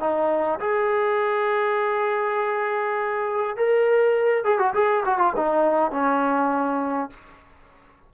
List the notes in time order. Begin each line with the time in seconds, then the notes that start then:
0.00 D#4
0.60 G#4
3.57 A#4
4.44 G#4
4.59 F#4
4.74 G#4
5.06 F#4
5.18 F4
5.36 D#4
5.92 C#4